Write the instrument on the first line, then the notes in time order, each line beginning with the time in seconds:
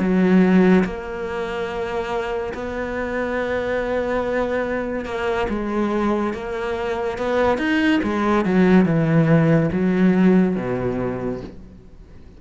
cello
0.00 F#3
0.85 A#3
2.54 B3
5.05 A#3
5.49 G#3
6.34 A#3
7.18 B3
7.58 D#4
8.03 G#3
8.45 F#3
8.85 E3
9.72 F#3
10.56 B2